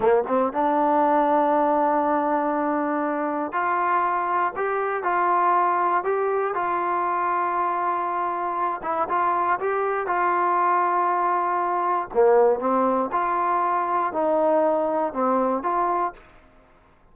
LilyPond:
\new Staff \with { instrumentName = "trombone" } { \time 4/4 \tempo 4 = 119 ais8 c'8 d'2.~ | d'2. f'4~ | f'4 g'4 f'2 | g'4 f'2.~ |
f'4. e'8 f'4 g'4 | f'1 | ais4 c'4 f'2 | dis'2 c'4 f'4 | }